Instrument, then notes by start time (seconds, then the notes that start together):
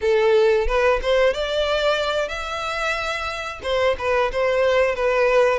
violin
0.01 A4
0.67 B4
1.02 C5
1.33 D5
2.28 E5
3.63 C5
3.98 B4
4.32 C5
4.95 B4